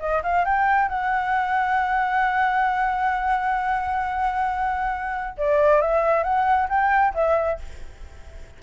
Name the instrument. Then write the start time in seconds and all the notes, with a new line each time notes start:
flute
0.00 D#5
0.23 F5
0.45 G5
0.89 F#5
5.38 D5
5.82 E5
6.24 F#5
6.69 G5
7.15 E5